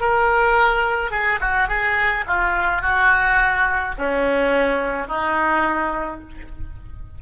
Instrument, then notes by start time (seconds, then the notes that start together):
oboe
0.00 A#4
1.11 G#4
1.41 F#4
1.68 G#4
2.27 F4
2.82 F#4
3.98 C#4
5.07 D#4